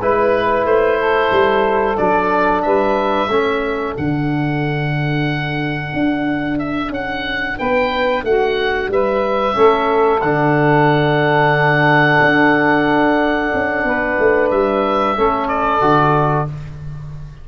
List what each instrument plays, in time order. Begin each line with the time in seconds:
0.00 tuba G#3, trombone E4, saxophone B4, oboe B4
0.65 tuba A3, oboe C5
0.99 saxophone A4
1.32 tuba G3
1.97 tuba F#3, trombone D4, oboe D5
2.63 tuba G3, saxophone B4, oboe E5
3.28 tuba A3, trombone C#4, saxophone A4
3.96 tuba D3, trombone D4, oboe F#5
5.94 tuba D4
6.59 oboe E5
6.90 tuba C#4, oboe F#5
7.59 tuba B3, saxophone B4, oboe G5
8.24 tuba A3, saxophone F#4, oboe F#5
8.88 tuba G3, saxophone B4, oboe E5
9.54 tuba A3, trombone C#4, saxophone A4
10.21 tuba D3, trombone D4, oboe F#5
12.21 tuba D4
13.55 tuba C#4
13.85 tuba B3, saxophone B4
14.19 tuba A3
14.51 tuba G3, oboe E5
15.17 tuba A3, trombone C#4, saxophone A4
15.48 oboe D5
15.81 tuba D3, trombone F#4